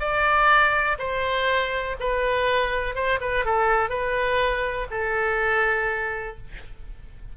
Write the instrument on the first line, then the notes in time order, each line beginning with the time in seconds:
oboe
0.00 D5
0.99 C5
2.00 B4
2.95 C5
3.21 B4
3.45 A4
3.90 B4
4.91 A4